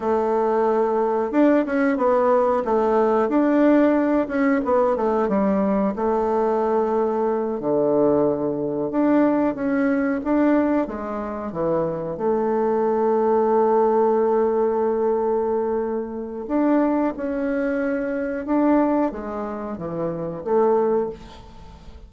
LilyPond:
\new Staff \with { instrumentName = "bassoon" } { \time 4/4 \tempo 4 = 91 a2 d'8 cis'8 b4 | a4 d'4. cis'8 b8 a8 | g4 a2~ a8 d8~ | d4. d'4 cis'4 d'8~ |
d'8 gis4 e4 a4.~ | a1~ | a4 d'4 cis'2 | d'4 gis4 e4 a4 | }